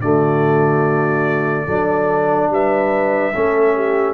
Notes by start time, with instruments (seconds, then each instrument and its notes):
0.00 tuba D3, trombone A3, horn F#4, trumpet D5
1.65 tuba F#3, trombone D4, horn A4
2.49 tuba G3, horn B4, trumpet E5
3.33 tuba A3, trombone C#4, horn A4
3.74 horn G4